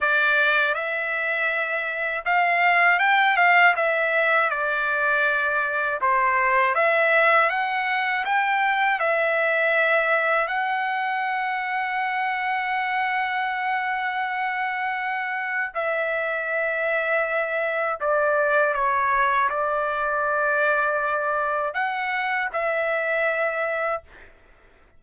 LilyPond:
\new Staff \with { instrumentName = "trumpet" } { \time 4/4 \tempo 4 = 80 d''4 e''2 f''4 | g''8 f''8 e''4 d''2 | c''4 e''4 fis''4 g''4 | e''2 fis''2~ |
fis''1~ | fis''4 e''2. | d''4 cis''4 d''2~ | d''4 fis''4 e''2 | }